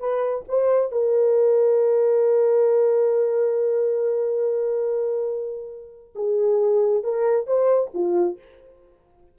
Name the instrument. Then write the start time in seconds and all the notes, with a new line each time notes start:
horn
0.00 B4
0.48 C5
0.92 A#4
6.16 G#4
7.04 A#4
7.47 C5
7.94 F4